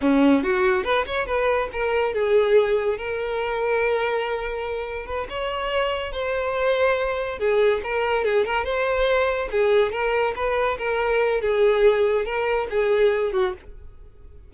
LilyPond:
\new Staff \with { instrumentName = "violin" } { \time 4/4 \tempo 4 = 142 cis'4 fis'4 b'8 cis''8 b'4 | ais'4 gis'2 ais'4~ | ais'1 | b'8 cis''2 c''4.~ |
c''4. gis'4 ais'4 gis'8 | ais'8 c''2 gis'4 ais'8~ | ais'8 b'4 ais'4. gis'4~ | gis'4 ais'4 gis'4. fis'8 | }